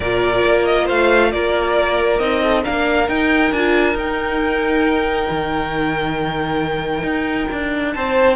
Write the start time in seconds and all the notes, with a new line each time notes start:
0.00 A#2 F4 A#4 D5
0.45 A#3
0.65 D#5
0.85 A3 C5 F5
1.31 A#3 A#4 D5
2.18 C4 D#4 D#5
2.43 A4
2.63 A#3 D4 A#4 F5
3.08 D#4 G5
3.51 D4 F4 G#5
3.93 D#4 G5
5.30 D#3
7.03 D#4
7.51 D4
7.93 C4 C5 A5